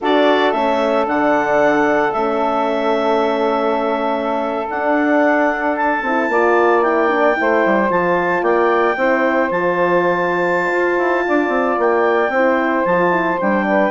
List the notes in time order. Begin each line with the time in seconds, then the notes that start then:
0.00 D4 F#4 A4 D5
0.52 A3 C#4 E5
1.06 D3 D4 F#5
2.12 A3 C#4 E5
4.68 D4 F#5
5.76 A5
6.02 C4 E4
6.28 A#3 F4 D5
6.83 E4 G5
7.07 D4
7.33 E4
7.40 A3 C5
7.65 G3
7.89 F3 F4 A5
8.42 A#3 D5 G5
8.96 C4 E4 C5
9.50 F3 F4 A5
10.71 F4
10.98 E4
11.27 D4 D5
11.48 C4
11.78 A#3 G5
12.28 C4 C5
12.34 E4
12.85 F3 F4 A5
13.10 E4
13.40 G3 D4 G5
13.68 B4